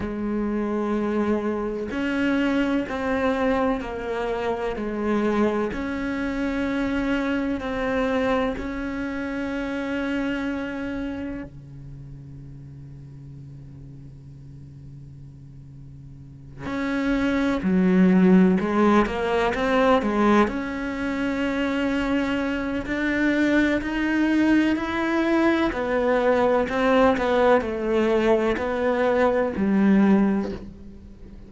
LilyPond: \new Staff \with { instrumentName = "cello" } { \time 4/4 \tempo 4 = 63 gis2 cis'4 c'4 | ais4 gis4 cis'2 | c'4 cis'2. | cis1~ |
cis4. cis'4 fis4 gis8 | ais8 c'8 gis8 cis'2~ cis'8 | d'4 dis'4 e'4 b4 | c'8 b8 a4 b4 g4 | }